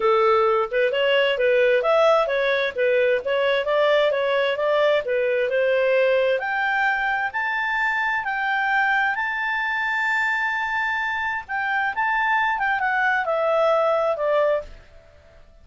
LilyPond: \new Staff \with { instrumentName = "clarinet" } { \time 4/4 \tempo 4 = 131 a'4. b'8 cis''4 b'4 | e''4 cis''4 b'4 cis''4 | d''4 cis''4 d''4 b'4 | c''2 g''2 |
a''2 g''2 | a''1~ | a''4 g''4 a''4. g''8 | fis''4 e''2 d''4 | }